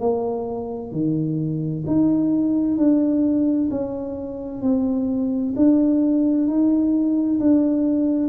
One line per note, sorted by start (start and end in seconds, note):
0.00 0.92 A#3
0.92 1.84 D#3
1.87 2.77 D#4
2.77 3.70 D4
3.71 4.62 C#4
4.62 5.54 C4
5.56 6.47 D4
6.47 7.40 D#4
7.40 8.30 D4